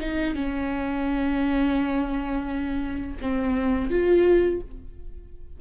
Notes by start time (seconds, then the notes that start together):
0.00 D#4
0.35 C#4
3.22 C4
3.90 F4